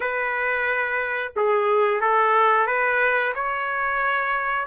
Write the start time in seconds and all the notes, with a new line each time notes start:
0.00 B4
1.36 G#4
2.00 A4
2.66 B4
3.35 C#5